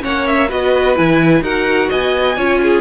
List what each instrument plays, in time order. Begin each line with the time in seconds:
0.00 cello A#3, viola C#4, violin C#5 F#5
0.27 violin E5
0.48 cello B3, viola F#4, violin B4 D#5
0.95 cello E3, viola E4, violin G#5
1.41 cello D#4, viola F#4, violin A#4 F#5
1.89 cello B3, violin D#5 G#5
2.36 cello C#4, viola F4, violin C#5
2.62 violin G#4